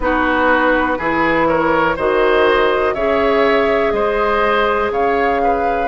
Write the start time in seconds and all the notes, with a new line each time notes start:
0.00 B3 D#4 F#4 B4
0.98 E3 E4 G#4
1.47 A#4 C#5
1.95 D#3 F#4 C5 D#5
2.94 C#3 G#4 C#5 E5
3.91 G#3 C5 D#5
4.90 C#3 C#5 F5
5.43 B4